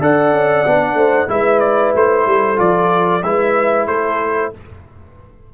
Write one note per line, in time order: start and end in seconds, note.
0.00 0.32 D4
0.00 0.65 A4
0.00 0.97 D5
0.00 1.30 F#5
0.32 0.64 C#4
0.66 0.94 B3
0.66 1.28 D4
0.94 1.26 A3
0.94 1.29 C5
1.28 1.93 G#3
1.28 2.56 E4
1.28 2.28 B4
1.28 1.60 E5
1.60 1.92 D5
1.94 2.26 A3
1.94 2.59 C5
2.26 2.58 G3
2.26 3.26 A4
2.56 3.23 F3
2.56 3.20 F4
2.56 3.23 D5
3.23 3.87 G#3
3.23 4.54 E4
3.23 3.88 B4
3.23 3.87 E5
3.87 4.51 A3
3.87 4.53 A4
3.87 4.52 C5